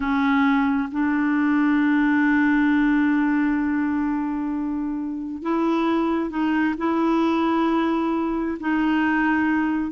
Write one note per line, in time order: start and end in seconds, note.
0.00 0.89 C#4
0.91 5.42 D4
5.42 6.29 E4
6.29 6.74 D#4
6.77 8.58 E4
8.60 9.91 D#4